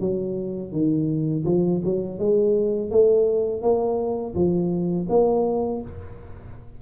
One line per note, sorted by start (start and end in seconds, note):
0.00 0.72 F#3
0.72 1.44 D#3
1.45 1.81 F3
1.84 2.19 F#3
2.19 2.91 G#3
2.91 3.62 A3
3.62 4.34 A#3
4.35 5.07 F3
5.09 5.82 A#3